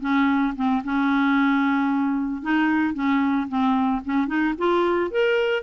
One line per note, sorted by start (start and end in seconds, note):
0.00 0.54 C#4
0.55 0.82 C4
0.84 2.42 C#4
2.42 2.94 D#4
2.94 3.47 C#4
3.48 4.02 C4
4.04 4.27 C#4
4.27 4.54 D#4
4.58 5.11 F4
5.11 5.63 A#4